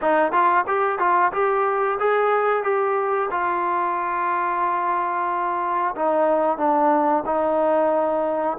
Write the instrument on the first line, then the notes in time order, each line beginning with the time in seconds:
trombone
0.01 D#4
0.31 F4
0.67 G4
0.99 F4
1.32 G4
1.99 G#4
2.63 G4
3.31 F4
5.95 D#4
6.57 D4
7.25 D#4